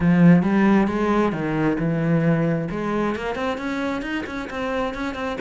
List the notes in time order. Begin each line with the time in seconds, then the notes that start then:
0.00 F3
0.43 G3
0.87 G#3
1.32 D#3
1.79 E3
2.70 G#3
3.15 A#3
3.35 C4
3.57 C#4
4.02 D#4
4.26 C#4
4.50 C4
4.94 C#4
5.14 C4